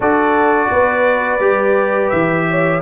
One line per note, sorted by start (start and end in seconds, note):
0.00 0.71 D4
0.00 1.40 F#4
0.00 0.69 A4
0.00 2.09 D5
0.70 1.40 B3
0.70 2.47 B4
1.40 2.10 G3
1.40 2.81 G4
2.09 2.81 E3
2.09 2.80 E5
2.49 2.81 C#5